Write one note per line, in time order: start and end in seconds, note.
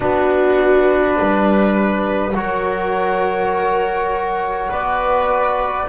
0.00 1.18 B3
0.00 2.33 D4
0.00 1.17 F#4
0.00 2.34 B4
1.18 2.34 G3
1.18 2.35 B4
2.34 4.69 F#3
2.34 5.87 F#4
2.34 4.70 A#4
2.34 4.71 C#5
4.70 5.88 B3
4.70 5.87 B4
4.70 5.88 D5